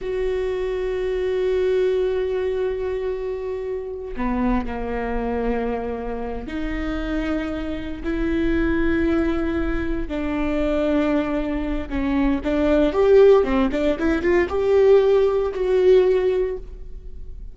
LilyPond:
\new Staff \with { instrumentName = "viola" } { \time 4/4 \tempo 4 = 116 fis'1~ | fis'1 | b4 ais2.~ | ais8 dis'2. e'8~ |
e'2.~ e'8 d'8~ | d'2. cis'4 | d'4 g'4 c'8 d'8 e'8 f'8 | g'2 fis'2 | }